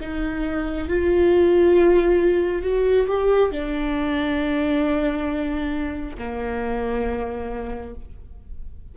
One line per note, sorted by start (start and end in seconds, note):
0.00 0.88 D#4
0.88 2.62 F4
2.62 3.06 F#4
3.07 3.51 G4
3.51 6.16 D4
6.18 7.95 A#3